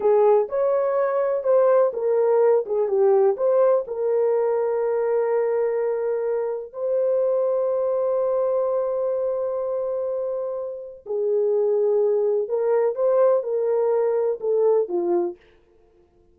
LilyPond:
\new Staff \with { instrumentName = "horn" } { \time 4/4 \tempo 4 = 125 gis'4 cis''2 c''4 | ais'4. gis'8 g'4 c''4 | ais'1~ | ais'2 c''2~ |
c''1~ | c''2. gis'4~ | gis'2 ais'4 c''4 | ais'2 a'4 f'4 | }